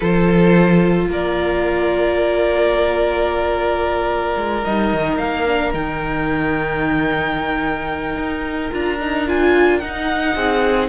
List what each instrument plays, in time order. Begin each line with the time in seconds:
0.00 cello F3, viola F4, violin A4 C5
1.08 cello A#3, violin A#4 D5
4.36 cello G#3
4.64 cello G3, viola D#4, violin D#5
4.93 cello D#3
5.17 cello A#3, violin F5
5.47 viola D4
5.72 cello D#3, viola D#4, violin G5
8.16 cello D#4
8.70 cello D4, viola F4, violin A#5
9.00 viola D#4
9.27 viola F4, violin G#5
9.79 viola D#4, cello D#4, violin F#5
10.34 cello C4, violin G#4